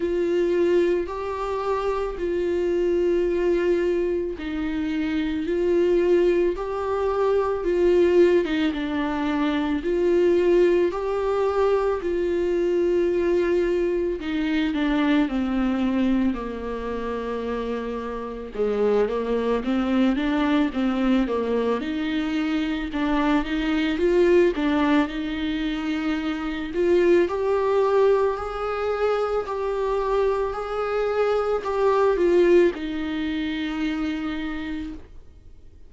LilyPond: \new Staff \with { instrumentName = "viola" } { \time 4/4 \tempo 4 = 55 f'4 g'4 f'2 | dis'4 f'4 g'4 f'8. dis'16 | d'4 f'4 g'4 f'4~ | f'4 dis'8 d'8 c'4 ais4~ |
ais4 gis8 ais8 c'8 d'8 c'8 ais8 | dis'4 d'8 dis'8 f'8 d'8 dis'4~ | dis'8 f'8 g'4 gis'4 g'4 | gis'4 g'8 f'8 dis'2 | }